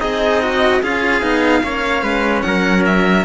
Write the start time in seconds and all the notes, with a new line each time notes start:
0.00 C4 D#4 G#4 D#5
0.41 F#4
0.82 C#4 F4 G#4 F5
1.22 B3 D#4
1.62 A#3 C#4 C#5
2.02 G#3 B4
2.42 F#3 A#4 F#5
2.85 E5